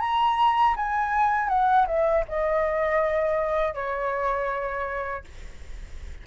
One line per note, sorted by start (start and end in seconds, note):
0.00 0.75 A#5
0.76 1.49 G#5
1.49 1.86 F#5
1.87 2.25 E5
2.28 3.74 D#5
3.74 5.24 C#5